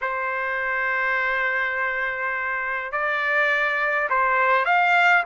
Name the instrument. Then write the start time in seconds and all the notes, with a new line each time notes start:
trumpet
0.01 C5
2.92 D5
4.09 C5
4.65 F5